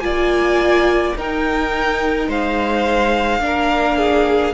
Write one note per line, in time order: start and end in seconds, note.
0.00 1.13 A#3
0.00 1.14 F4
0.00 1.17 D5
0.00 1.13 G#5
1.16 2.28 D#4
1.16 3.40 D#4
1.16 2.28 A#4
1.16 2.31 G5
2.28 3.40 G#3
2.28 3.41 C5
2.28 4.53 F5
3.40 4.53 A#3
3.40 4.53 D4
3.40 3.98 A#4
3.98 4.53 G#4